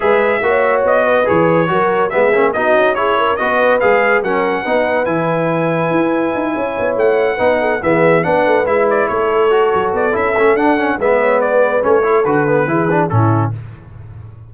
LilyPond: <<
  \new Staff \with { instrumentName = "trumpet" } { \time 4/4 \tempo 4 = 142 e''2 dis''4 cis''4~ | cis''4 e''4 dis''4 cis''4 | dis''4 f''4 fis''2 | gis''1~ |
gis''8 fis''2 e''4 fis''8~ | fis''8 e''8 d''8 cis''2 d''8 | e''4 fis''4 e''4 d''4 | cis''4 b'2 a'4 | }
  \new Staff \with { instrumentName = "horn" } { \time 4/4 b'4 cis''4. b'4. | ais'4 gis'4 fis'4 gis'8 ais'8 | b'2 ais'4 b'4~ | b'2.~ b'8 cis''8~ |
cis''4. b'8 a'8 gis'4 b'8~ | b'4. a'2~ a'8~ | a'2 b'8 cis''8 b'4~ | b'8 a'4. gis'4 e'4 | }
  \new Staff \with { instrumentName = "trombone" } { \time 4/4 gis'4 fis'2 gis'4 | fis'4 b8 cis'8 dis'4 e'4 | fis'4 gis'4 cis'4 dis'4 | e'1~ |
e'4. dis'4 b4 d'8~ | d'8 e'2 fis'4. | e'8 cis'8 d'8 cis'8 b2 | cis'8 e'8 fis'8 b8 e'8 d'8 cis'4 | }
  \new Staff \with { instrumentName = "tuba" } { \time 4/4 gis4 ais4 b4 e4 | fis4 gis8 ais8 b8 cis'4. | b4 gis4 fis4 b4 | e2 e'4 dis'8 cis'8 |
b8 a4 b4 e4 b8 | a8 gis4 a4. fis8 b8 | cis'8 a8 d'4 gis2 | a4 d4 e4 a,4 | }
>>